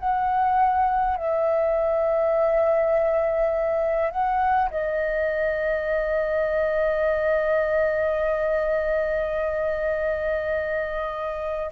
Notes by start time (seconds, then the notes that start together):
0.00 F#5
1.17 E5
4.11 F#5
4.71 D#5